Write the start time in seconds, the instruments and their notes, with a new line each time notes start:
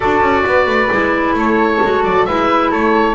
0.00 double bass D4, clarinet F#4, flute A4, oboe D5
0.20 double bass C#4
0.46 double bass B3, flute B4
0.66 double bass A3
0.91 double bass G#3, clarinet E4
1.33 double bass A3, flute A4, oboe C#5
1.82 double bass G#3, clarinet F#4
2.03 double bass F#3, oboe D5
2.25 double bass G#3, clarinet E4, flute B4, oboe E5
2.70 double bass A3, flute A4, oboe C#5